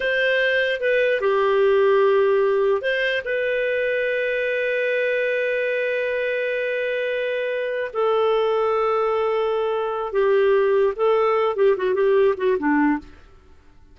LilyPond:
\new Staff \with { instrumentName = "clarinet" } { \time 4/4 \tempo 4 = 148 c''2 b'4 g'4~ | g'2. c''4 | b'1~ | b'1~ |
b'2.~ b'8 a'8~ | a'1~ | a'4 g'2 a'4~ | a'8 g'8 fis'8 g'4 fis'8 d'4 | }